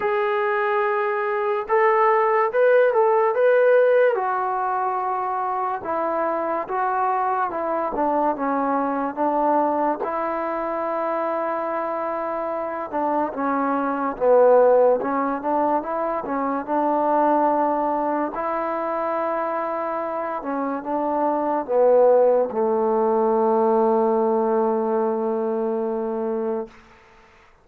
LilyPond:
\new Staff \with { instrumentName = "trombone" } { \time 4/4 \tempo 4 = 72 gis'2 a'4 b'8 a'8 | b'4 fis'2 e'4 | fis'4 e'8 d'8 cis'4 d'4 | e'2.~ e'8 d'8 |
cis'4 b4 cis'8 d'8 e'8 cis'8 | d'2 e'2~ | e'8 cis'8 d'4 b4 a4~ | a1 | }